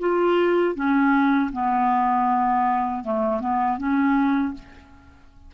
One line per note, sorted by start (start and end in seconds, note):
0.00 0.75 F4
0.75 1.51 C#4
1.53 3.04 B3
3.04 3.41 A3
3.41 3.78 B3
3.78 4.54 C#4